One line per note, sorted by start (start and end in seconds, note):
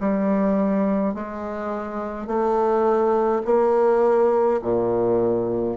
0.00 1.14 G3
1.14 2.27 G#3
2.27 3.42 A3
3.45 4.60 A#3
4.62 5.77 A#2